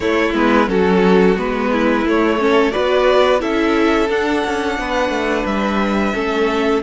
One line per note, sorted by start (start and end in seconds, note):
0.00 0.33 A3
0.00 0.34 A3
0.00 0.69 E4
0.00 0.33 C#5
0.33 0.67 G#3
0.33 0.67 B3
0.33 0.68 B4
0.67 1.36 F#3
0.67 1.35 C#4
0.67 1.71 F#4
0.67 1.37 A4
1.36 2.06 G#3
1.36 2.04 B3
1.36 2.07 B4
1.71 2.40 E4
2.06 2.74 A3
2.06 2.38 A3
2.06 2.71 C#5
2.38 2.71 C#4
2.38 2.72 A4
2.71 3.42 B3
2.71 3.39 F#4
2.71 3.40 B4
2.71 3.39 D5
3.39 4.09 C#4
3.39 4.08 E4
3.39 4.77 A4
3.39 4.09 E5
4.09 4.43 D4
4.09 6.13 D4
4.09 5.46 F#5
4.46 4.78 C#4
4.78 5.09 B3
4.78 6.14 B4
5.09 5.43 A3
5.45 6.13 G3
5.45 6.82 E5
6.13 6.82 A3
6.13 6.81 C#4
6.13 6.82 A4